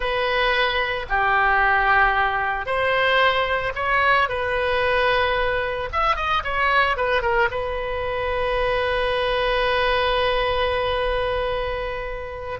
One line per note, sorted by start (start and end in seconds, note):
0.00 1.06 B4
1.09 2.65 G4
2.65 3.73 C5
3.75 4.29 C#5
4.29 5.89 B4
5.92 6.16 E5
6.16 6.43 D#5
6.43 6.96 C#5
6.96 7.22 B4
7.22 7.49 A#4
7.50 12.59 B4